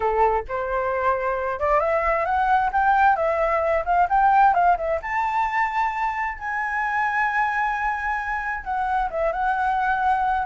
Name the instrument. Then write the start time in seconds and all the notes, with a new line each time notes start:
flute
0.00 A4
0.48 C5
1.59 D5
1.80 E5
2.25 F#5
2.72 G5
3.15 E5
3.85 F5
4.09 G5
4.54 F5
4.77 E5
5.02 A5
6.38 G#5
8.64 F#5
9.10 E5
9.32 F#5